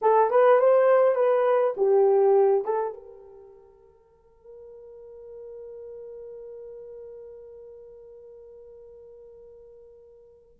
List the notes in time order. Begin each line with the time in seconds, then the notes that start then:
0.01 A4
0.30 B4
0.59 C5
1.15 B4
1.76 G4
2.64 A4
2.93 A#4